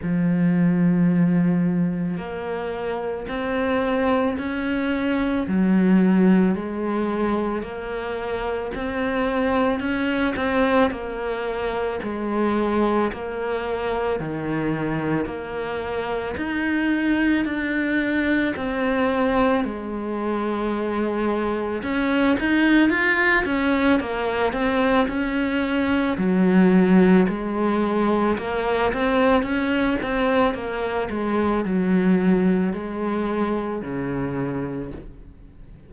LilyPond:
\new Staff \with { instrumentName = "cello" } { \time 4/4 \tempo 4 = 55 f2 ais4 c'4 | cis'4 fis4 gis4 ais4 | c'4 cis'8 c'8 ais4 gis4 | ais4 dis4 ais4 dis'4 |
d'4 c'4 gis2 | cis'8 dis'8 f'8 cis'8 ais8 c'8 cis'4 | fis4 gis4 ais8 c'8 cis'8 c'8 | ais8 gis8 fis4 gis4 cis4 | }